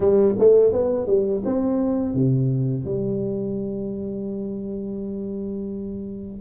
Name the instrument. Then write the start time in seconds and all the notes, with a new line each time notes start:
tuba
0.00 G3
0.39 A3
0.72 B3
1.06 G3
1.44 C4
2.14 C3
2.84 G3